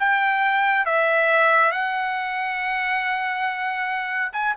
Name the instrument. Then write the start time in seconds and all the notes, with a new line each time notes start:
trumpet
0.00 G5
0.86 E5
1.72 F#5
4.33 G#5